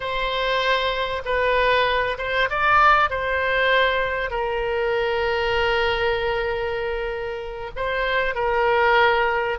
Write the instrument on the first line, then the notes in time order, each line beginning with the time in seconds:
oboe
0.00 C5
1.25 B4
2.18 C5
2.49 D5
3.10 C5
4.30 A#4
7.75 C5
8.34 A#4